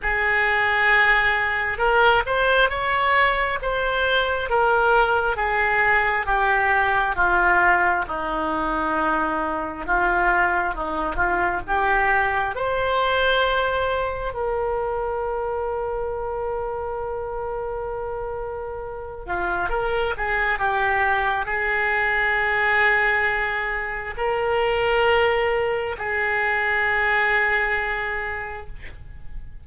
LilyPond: \new Staff \with { instrumentName = "oboe" } { \time 4/4 \tempo 4 = 67 gis'2 ais'8 c''8 cis''4 | c''4 ais'4 gis'4 g'4 | f'4 dis'2 f'4 | dis'8 f'8 g'4 c''2 |
ais'1~ | ais'4. f'8 ais'8 gis'8 g'4 | gis'2. ais'4~ | ais'4 gis'2. | }